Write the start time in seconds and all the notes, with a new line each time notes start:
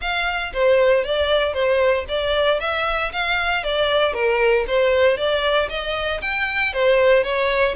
0.01 F5
0.53 C5
1.04 D5
1.53 C5
2.08 D5
2.60 E5
3.12 F5
3.63 D5
4.13 A#4
4.67 C5
5.17 D5
5.69 D#5
6.21 G5
6.73 C5
7.23 C#5